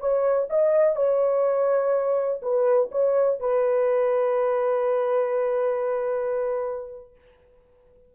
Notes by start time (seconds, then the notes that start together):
0.00 C#5
0.50 D#5
0.96 C#5
2.42 B4
2.92 C#5
3.40 B4